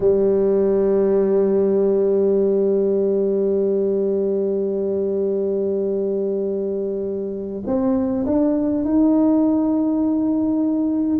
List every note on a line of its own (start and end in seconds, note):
0.00 7.62 G3
7.66 8.25 C4
8.26 8.84 D4
8.84 11.19 D#4